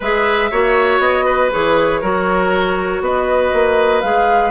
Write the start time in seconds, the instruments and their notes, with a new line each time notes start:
0.00 bassoon G#3, clarinet G#4, oboe B4, flute E5
0.50 bassoon A#3, clarinet F#4, oboe C#5
0.99 bassoon B3, flute D#5
1.25 oboe B4
1.51 bassoon E3, clarinet G#4, flute C#5
2.01 bassoon F#3, clarinet F#4, oboe A#4
3.00 bassoon B3, oboe B4, flute D#5
3.53 bassoon A#3
4.01 bassoon G#3, clarinet G#4, flute F5